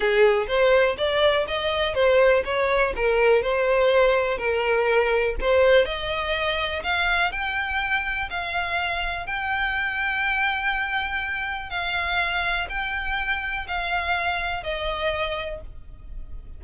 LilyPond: \new Staff \with { instrumentName = "violin" } { \time 4/4 \tempo 4 = 123 gis'4 c''4 d''4 dis''4 | c''4 cis''4 ais'4 c''4~ | c''4 ais'2 c''4 | dis''2 f''4 g''4~ |
g''4 f''2 g''4~ | g''1 | f''2 g''2 | f''2 dis''2 | }